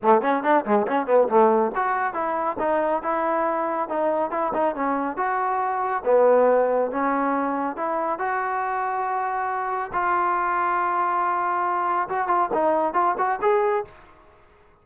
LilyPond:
\new Staff \with { instrumentName = "trombone" } { \time 4/4 \tempo 4 = 139 a8 cis'8 d'8 gis8 cis'8 b8 a4 | fis'4 e'4 dis'4 e'4~ | e'4 dis'4 e'8 dis'8 cis'4 | fis'2 b2 |
cis'2 e'4 fis'4~ | fis'2. f'4~ | f'1 | fis'8 f'8 dis'4 f'8 fis'8 gis'4 | }